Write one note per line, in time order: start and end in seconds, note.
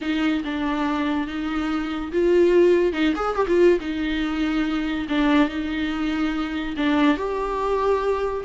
0.01 0.43 D#4
0.44 1.27 D4
1.27 2.11 D#4
2.12 2.92 F4
2.92 3.13 D#4
3.15 3.35 G#4
3.35 3.46 G4
3.47 3.79 F4
3.80 5.07 D#4
5.08 5.48 D4
5.48 6.75 D#4
6.76 7.17 D4
7.17 8.44 G4